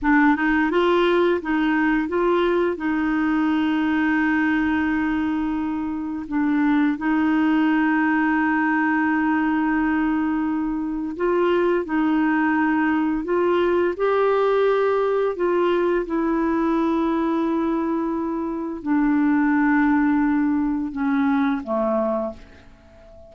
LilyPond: \new Staff \with { instrumentName = "clarinet" } { \time 4/4 \tempo 4 = 86 d'8 dis'8 f'4 dis'4 f'4 | dis'1~ | dis'4 d'4 dis'2~ | dis'1 |
f'4 dis'2 f'4 | g'2 f'4 e'4~ | e'2. d'4~ | d'2 cis'4 a4 | }